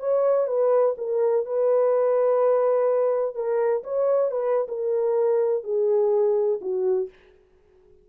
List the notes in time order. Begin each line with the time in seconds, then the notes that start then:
0.00 C#5
0.48 B4
0.98 A#4
1.46 B4
3.36 A#4
3.84 C#5
4.32 B4
4.68 A#4
5.64 G#4
6.62 F#4